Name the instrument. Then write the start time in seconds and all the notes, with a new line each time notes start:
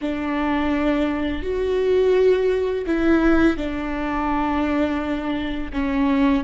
viola
0.01 D4
1.42 F#4
2.86 E4
3.57 D4
5.72 C#4